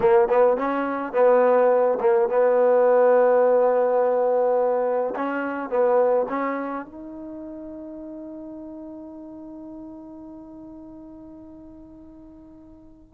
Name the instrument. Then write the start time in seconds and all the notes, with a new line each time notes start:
trombone
0.00 A#3
0.28 B3
0.57 C#4
1.12 B3
2.00 A#3
2.29 B3
5.15 C#4
5.69 B3
6.28 C#4
6.85 D#4